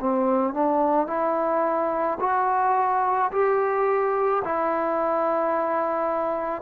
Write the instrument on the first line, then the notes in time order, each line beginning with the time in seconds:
trombone
0.00 C4
0.54 D4
1.07 E4
2.20 F#4
3.32 G4
4.44 E4